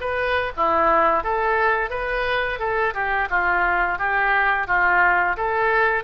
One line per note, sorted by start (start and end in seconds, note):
0.00 0.52 B4
0.56 1.23 E4
1.23 1.90 A4
1.90 2.59 B4
2.59 2.93 A4
2.93 3.28 G4
3.30 3.98 F4
3.98 4.67 G4
4.67 5.36 F4
5.36 6.03 A4